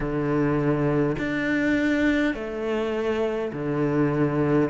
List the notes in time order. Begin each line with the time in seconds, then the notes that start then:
0.00 D3
1.18 D4
2.34 A3
3.52 D3